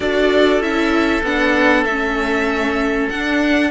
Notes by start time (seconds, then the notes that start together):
0.00 D4 F#4 A4 D5
0.60 C#4 E4 E5
1.23 B3 D4 F#5
1.84 A3 E5
1.91 C#4
3.09 D4 F#5